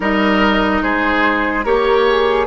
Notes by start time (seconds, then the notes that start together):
0.00 G3 D#4 A#4 D#5
0.82 G#3 G#4 C5
1.63 A#3 G4 A#4 C#5
2.08 G#4